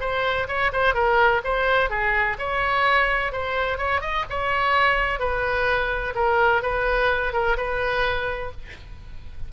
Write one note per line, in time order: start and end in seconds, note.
0.00 0.47 C5
0.48 0.71 C#5
0.73 0.94 C5
0.94 1.41 A#4
1.44 1.90 C5
1.90 2.37 G#4
2.39 3.32 C#5
3.32 3.78 C5
3.78 4.01 C#5
4.01 4.24 D#5
4.30 5.19 C#5
5.19 6.14 B4
6.15 6.62 A#4
6.62 7.33 B4
7.33 7.56 A#4
7.57 8.51 B4